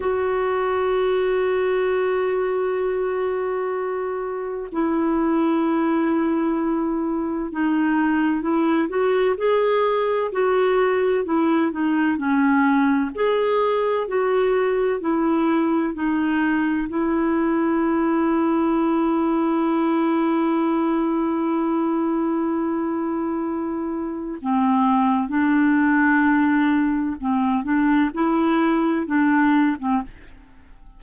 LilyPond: \new Staff \with { instrumentName = "clarinet" } { \time 4/4 \tempo 4 = 64 fis'1~ | fis'4 e'2. | dis'4 e'8 fis'8 gis'4 fis'4 | e'8 dis'8 cis'4 gis'4 fis'4 |
e'4 dis'4 e'2~ | e'1~ | e'2 c'4 d'4~ | d'4 c'8 d'8 e'4 d'8. c'16 | }